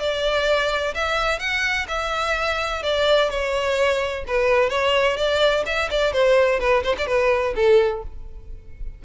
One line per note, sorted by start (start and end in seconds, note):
0.00 0.94 D5
0.95 1.40 E5
1.40 1.87 F#5
1.89 2.83 E5
2.83 3.30 D5
3.30 4.25 C#5
4.28 4.70 B4
4.70 5.17 C#5
5.17 5.64 D5
5.66 5.90 E5
5.91 6.13 D5
6.13 6.60 C5
6.60 6.84 B4
6.84 6.96 C5
6.99 7.07 D5
7.07 7.55 B4
7.56 8.04 A4